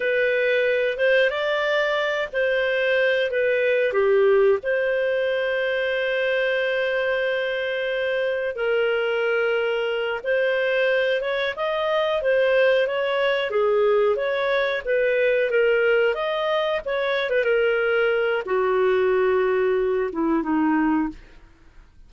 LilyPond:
\new Staff \with { instrumentName = "clarinet" } { \time 4/4 \tempo 4 = 91 b'4. c''8 d''4. c''8~ | c''4 b'4 g'4 c''4~ | c''1~ | c''4 ais'2~ ais'8 c''8~ |
c''4 cis''8 dis''4 c''4 cis''8~ | cis''8 gis'4 cis''4 b'4 ais'8~ | ais'8 dis''4 cis''8. b'16 ais'4. | fis'2~ fis'8 e'8 dis'4 | }